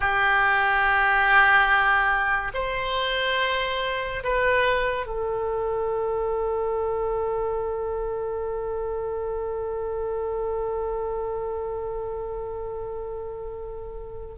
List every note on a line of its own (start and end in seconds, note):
0.00 2.52 G4
2.54 4.23 C5
4.23 5.06 B4
5.06 14.35 A4